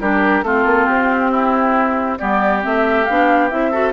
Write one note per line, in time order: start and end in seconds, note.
0.00 0.42 G3
0.00 0.43 D4
0.00 0.44 G4
0.00 0.43 A#4
0.42 0.64 A3
0.42 2.18 C4
0.42 1.31 F4
0.42 0.86 A4
0.65 0.87 A#3
0.86 2.19 C4
0.86 2.17 G4
1.31 2.18 E4
2.18 2.65 G3
2.18 2.61 B3
2.18 3.71 G4
2.18 2.62 D5
2.61 3.08 A3
2.61 3.05 C4
2.61 3.05 E5
3.05 3.51 B3
3.05 3.50 D4
3.05 3.49 F5
3.49 3.92 C4
3.49 3.72 E4
3.49 3.92 E5
3.71 3.92 F#4
3.71 3.92 A4